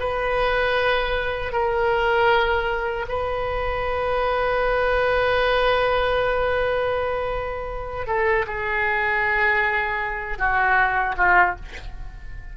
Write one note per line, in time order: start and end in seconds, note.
0.00 1.52 B4
1.52 3.06 A#4
3.08 8.07 B4
8.07 8.46 A4
8.47 10.38 G#4
10.38 11.15 F#4
11.17 11.56 F4